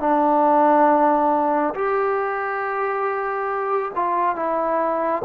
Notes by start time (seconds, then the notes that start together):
0.00 D4
1.74 G4
3.95 F4
4.35 E4